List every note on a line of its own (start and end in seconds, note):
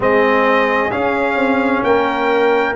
0.00 0.91 G#3
0.00 0.90 C4
0.00 1.86 G#4
0.00 0.91 D#5
0.91 2.75 C#4
0.91 1.36 C#4
0.91 1.83 F5
1.36 1.82 C4
1.83 2.75 A#3
1.83 2.75 A#4
1.83 2.75 G5